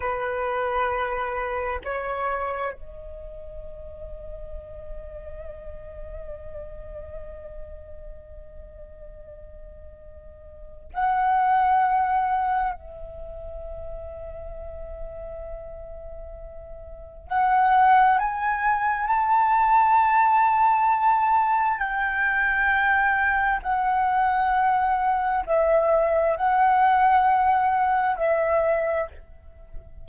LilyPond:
\new Staff \with { instrumentName = "flute" } { \time 4/4 \tempo 4 = 66 b'2 cis''4 dis''4~ | dis''1~ | dis''1 | fis''2 e''2~ |
e''2. fis''4 | gis''4 a''2. | g''2 fis''2 | e''4 fis''2 e''4 | }